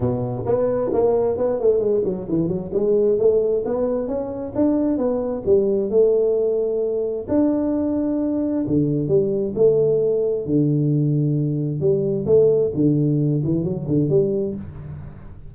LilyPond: \new Staff \with { instrumentName = "tuba" } { \time 4/4 \tempo 4 = 132 b,4 b4 ais4 b8 a8 | gis8 fis8 e8 fis8 gis4 a4 | b4 cis'4 d'4 b4 | g4 a2. |
d'2. d4 | g4 a2 d4~ | d2 g4 a4 | d4. e8 fis8 d8 g4 | }